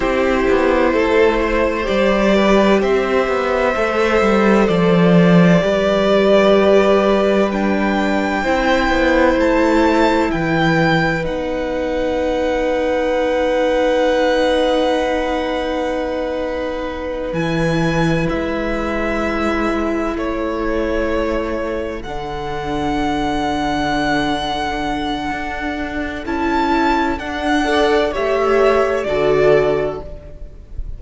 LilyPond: <<
  \new Staff \with { instrumentName = "violin" } { \time 4/4 \tempo 4 = 64 c''2 d''4 e''4~ | e''4 d''2. | g''2 a''4 g''4 | fis''1~ |
fis''2~ fis''8 gis''4 e''8~ | e''4. cis''2 fis''8~ | fis''1 | a''4 fis''4 e''4 d''4 | }
  \new Staff \with { instrumentName = "violin" } { \time 4/4 g'4 a'8 c''4 b'8 c''4~ | c''2 b'2~ | b'4 c''2 b'4~ | b'1~ |
b'1~ | b'4. a'2~ a'8~ | a'1~ | a'4. d''8 cis''4 a'4 | }
  \new Staff \with { instrumentName = "viola" } { \time 4/4 e'2 g'2 | a'2 g'2 | d'4 e'2. | dis'1~ |
dis'2~ dis'8 e'4.~ | e'2.~ e'8 d'8~ | d'1 | e'4 d'8 a'8 g'4 fis'4 | }
  \new Staff \with { instrumentName = "cello" } { \time 4/4 c'8 b8 a4 g4 c'8 b8 | a8 g8 f4 g2~ | g4 c'8 b8 a4 e4 | b1~ |
b2~ b8 e4 gis8~ | gis4. a2 d8~ | d2. d'4 | cis'4 d'4 a4 d4 | }
>>